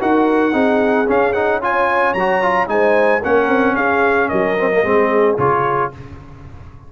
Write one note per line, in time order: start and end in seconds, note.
0.00 0.54 D#4
0.00 0.52 F#4
0.00 0.53 A#4
0.00 1.09 F#5
0.52 1.07 C4
0.52 1.06 D#4
0.52 1.60 G#4
1.07 1.34 C#4
1.07 2.15 C#4
1.07 1.33 F5
1.33 1.61 D#4
1.33 1.60 F#5
1.62 2.15 F4
1.62 2.71 C#5
1.62 2.14 G#5
2.14 2.68 F#3
2.14 2.42 F#4
2.14 2.67 A#5
2.42 2.67 F4
2.67 3.21 G#3
2.67 3.21 D#4
2.67 3.22 C5
2.67 3.23 G#5
3.22 3.48 A#3
3.22 4.58 C#4
3.22 3.75 A#4
3.22 3.76 F#5
3.48 3.75 C4
3.76 4.29 C#4
3.76 4.29 G#4
3.76 4.29 F5
4.29 4.83 F#3
4.29 4.82 A#4
4.29 5.36 D#5
4.58 4.71 C4
4.71 4.84 A#3
4.83 5.37 G#3
4.83 5.37 C4
4.83 5.92 G#4
5.38 5.92 C#3
5.38 5.92 F4
5.38 5.92 C#5